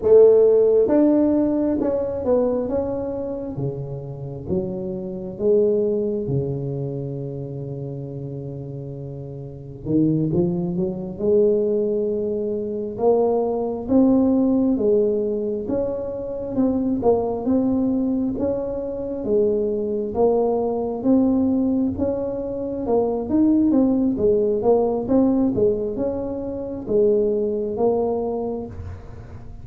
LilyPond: \new Staff \with { instrumentName = "tuba" } { \time 4/4 \tempo 4 = 67 a4 d'4 cis'8 b8 cis'4 | cis4 fis4 gis4 cis4~ | cis2. dis8 f8 | fis8 gis2 ais4 c'8~ |
c'8 gis4 cis'4 c'8 ais8 c'8~ | c'8 cis'4 gis4 ais4 c'8~ | c'8 cis'4 ais8 dis'8 c'8 gis8 ais8 | c'8 gis8 cis'4 gis4 ais4 | }